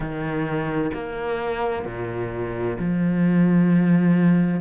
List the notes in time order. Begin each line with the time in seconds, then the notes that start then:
0.00 D#3
0.93 A#3
1.85 A#2
2.79 F3